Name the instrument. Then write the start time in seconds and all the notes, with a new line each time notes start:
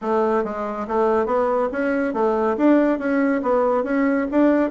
bassoon
0.01 A3
0.43 G#3
0.87 A3
1.26 B3
1.71 C#4
2.13 A3
2.57 D4
2.98 C#4
3.42 B3
3.83 C#4
4.31 D4